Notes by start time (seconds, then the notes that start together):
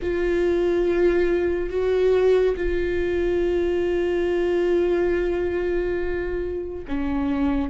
0.02 F4
1.69 F#4
2.56 F4
6.88 C#4